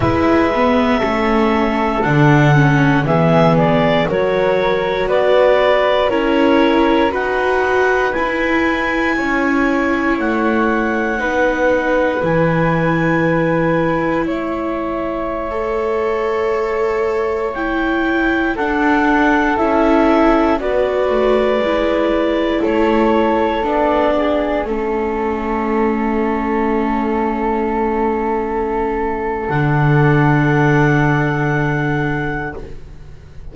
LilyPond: <<
  \new Staff \with { instrumentName = "clarinet" } { \time 4/4 \tempo 4 = 59 e''2 fis''4 e''8 d''8 | cis''4 d''4 cis''4 fis''4 | gis''2 fis''2 | gis''2 e''2~ |
e''4~ e''16 g''4 fis''4 e''8.~ | e''16 d''2 cis''4 d''8.~ | d''16 e''2.~ e''8.~ | e''4 fis''2. | }
  \new Staff \with { instrumentName = "flute" } { \time 4/4 b'4 a'2 gis'4 | ais'4 b'4 ais'4 b'4~ | b'4 cis''2 b'4~ | b'2 cis''2~ |
cis''2~ cis''16 a'4.~ a'16~ | a'16 b'2 a'4. gis'16~ | gis'16 a'2.~ a'8.~ | a'1 | }
  \new Staff \with { instrumentName = "viola" } { \time 4/4 e'8 b8 cis'4 d'8 cis'8 b4 | fis'2 e'4 fis'4 | e'2. dis'4 | e'2.~ e'16 a'8.~ |
a'4~ a'16 e'4 d'4 e'8.~ | e'16 fis'4 e'2 d'8.~ | d'16 cis'2.~ cis'8.~ | cis'4 d'2. | }
  \new Staff \with { instrumentName = "double bass" } { \time 4/4 gis4 a4 d4 e4 | fis4 b4 cis'4 dis'4 | e'4 cis'4 a4 b4 | e2 a2~ |
a2~ a16 d'4 cis'8.~ | cis'16 b8 a8 gis4 a4 b8.~ | b16 a2.~ a8.~ | a4 d2. | }
>>